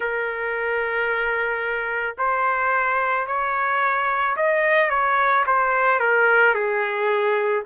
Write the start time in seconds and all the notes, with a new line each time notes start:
0.00 A#4
2.18 C5
3.27 C#5
4.36 D#5
4.89 C#5
5.46 C5
6.00 A#4
6.54 G#4